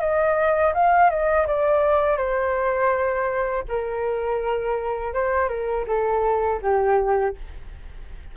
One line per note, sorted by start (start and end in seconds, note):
0.00 0.73 D#5
0.74 1.10 F5
1.10 1.46 D#5
1.47 2.17 D5
2.17 3.63 C5
3.68 5.14 A#4
5.14 5.48 C5
5.48 5.85 A#4
5.87 6.61 A4
6.62 7.35 G4